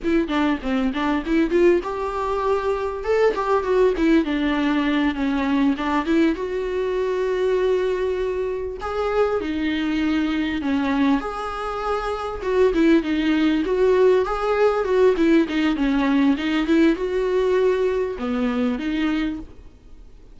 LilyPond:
\new Staff \with { instrumentName = "viola" } { \time 4/4 \tempo 4 = 99 e'8 d'8 c'8 d'8 e'8 f'8 g'4~ | g'4 a'8 g'8 fis'8 e'8 d'4~ | d'8 cis'4 d'8 e'8 fis'4.~ | fis'2~ fis'8 gis'4 dis'8~ |
dis'4. cis'4 gis'4.~ | gis'8 fis'8 e'8 dis'4 fis'4 gis'8~ | gis'8 fis'8 e'8 dis'8 cis'4 dis'8 e'8 | fis'2 b4 dis'4 | }